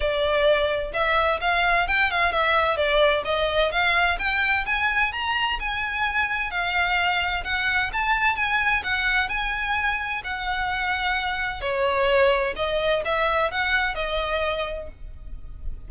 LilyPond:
\new Staff \with { instrumentName = "violin" } { \time 4/4 \tempo 4 = 129 d''2 e''4 f''4 | g''8 f''8 e''4 d''4 dis''4 | f''4 g''4 gis''4 ais''4 | gis''2 f''2 |
fis''4 a''4 gis''4 fis''4 | gis''2 fis''2~ | fis''4 cis''2 dis''4 | e''4 fis''4 dis''2 | }